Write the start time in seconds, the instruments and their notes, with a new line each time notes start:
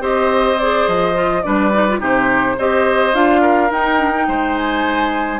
0.00 bassoon C4, clarinet G4, oboe C5, flute D#5
0.59 clarinet G#4, flute D5
0.87 bassoon F3, flute D#5
1.14 clarinet F4
1.42 bassoon G3, clarinet D4, oboe B4, flute D5
1.73 clarinet D#4
1.89 clarinet F4
1.99 bassoon C3, clarinet D#4, oboe G4, flute C5
2.58 bassoon C4, clarinet G4, oboe C5, flute D#5
3.12 bassoon D4, clarinet F4, flute F5
3.41 oboe A#4
3.71 bassoon D#4, clarinet D#4, flute G5
3.98 clarinet D4
4.15 clarinet D#4
4.28 bassoon G#3, oboe C5
4.57 flute G#5